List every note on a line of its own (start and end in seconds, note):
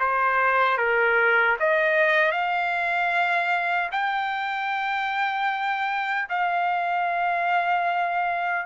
0.00 0.78 C5
0.78 1.57 A#4
1.60 2.32 D#5
2.32 3.90 F5
3.92 6.29 G5
6.29 8.66 F5